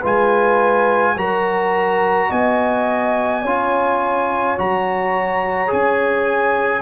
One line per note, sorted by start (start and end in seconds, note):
0.00 1.16 G#3
0.00 1.16 F4
0.00 1.13 B4
0.00 1.18 G#5
1.16 2.29 F#3
1.16 3.43 F#4
1.16 2.29 A#4
1.16 2.31 A#5
2.29 3.45 B3
2.29 3.42 D#5
2.29 4.58 G#5
3.42 4.58 C#4
3.42 4.58 F4
3.42 6.82 C#5
4.58 5.72 F#3
4.58 5.67 F#4
4.58 5.72 A#5
5.67 6.82 C#4
5.67 6.81 G#4
5.67 6.82 G#5